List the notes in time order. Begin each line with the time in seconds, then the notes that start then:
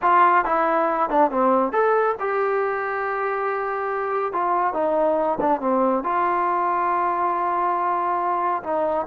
0.02 F4
0.45 E4
1.09 D4
1.30 C4
1.72 A4
2.19 G4
4.33 F4
4.73 D#4
5.40 D4
5.60 C4
6.03 F4
8.63 D#4